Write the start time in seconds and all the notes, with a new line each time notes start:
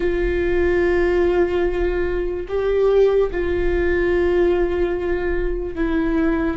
0.00 F4
2.48 G4
3.31 F4
5.75 E4